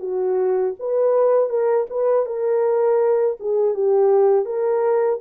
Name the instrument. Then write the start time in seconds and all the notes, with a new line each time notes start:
horn
0.00 F#4
0.79 B4
1.49 A#4
1.90 B4
2.26 A#4
3.40 G#4
3.74 G4
4.45 A#4